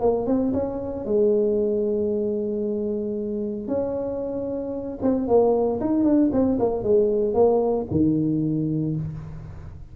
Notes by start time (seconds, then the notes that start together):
0.00 A#3
0.26 C4
0.53 C#4
1.05 G#3
3.67 C#4
5.02 C4
5.27 A#3
5.80 D#4
6.04 D4
6.32 C4
6.59 A#3
6.83 G#3
7.33 A#3
7.90 D#3